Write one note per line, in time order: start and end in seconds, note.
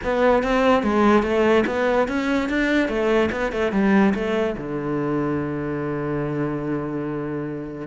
0.03 0.43 B3
0.43 0.83 C4
0.83 1.23 G#3
1.23 1.64 A3
1.66 2.07 B3
2.07 2.49 C#4
2.49 2.88 D4
2.88 3.29 A3
3.31 3.52 B3
3.52 3.72 A3
3.72 4.13 G3
4.14 4.55 A3
4.57 7.87 D3